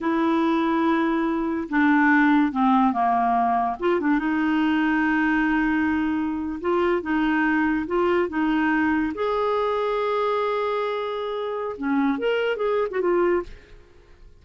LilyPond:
\new Staff \with { instrumentName = "clarinet" } { \time 4/4 \tempo 4 = 143 e'1 | d'2 c'4 ais4~ | ais4 f'8 d'8 dis'2~ | dis'2.~ dis'8. f'16~ |
f'8. dis'2 f'4 dis'16~ | dis'4.~ dis'16 gis'2~ gis'16~ | gis'1 | cis'4 ais'4 gis'8. fis'16 f'4 | }